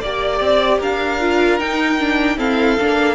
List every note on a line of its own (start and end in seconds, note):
0.00 0.40 A#3
0.00 1.20 G4
0.00 0.79 D5
0.00 0.78 D5
0.40 0.80 C4
0.78 1.59 D4
0.78 2.36 A#4
0.78 1.59 F5
1.20 1.59 F4
1.59 1.98 D#4
1.59 2.37 D#4
1.59 2.38 G5
1.99 2.37 D4
2.37 2.76 C4
2.37 2.76 E4
2.37 3.15 A4
2.37 3.15 F5
2.80 3.15 A#3
2.80 3.15 D4